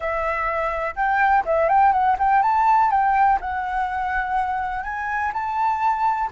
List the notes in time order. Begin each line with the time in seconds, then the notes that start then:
0.00 E5
0.95 G5
1.45 E5
1.68 G5
1.92 F#5
2.18 G5
2.42 A5
2.90 G5
3.40 F#5
4.83 G#5
5.33 A5